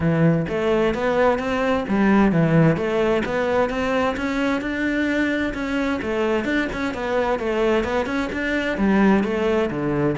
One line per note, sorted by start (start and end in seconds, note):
0.00 0.46 E3
0.48 0.94 A3
0.94 1.38 B3
1.38 1.85 C4
1.88 2.32 G3
2.32 2.77 E3
2.77 3.23 A3
3.25 3.69 B3
3.69 4.15 C4
4.16 4.61 C#4
4.61 5.53 D4
5.54 6.00 C#4
6.01 6.44 A3
6.44 6.68 D4
6.72 6.94 C#4
6.94 7.39 B3
7.39 7.84 A3
7.84 8.06 B3
8.06 8.29 C#4
8.32 8.77 D4
8.77 9.23 G3
9.23 9.69 A3
9.70 10.16 D3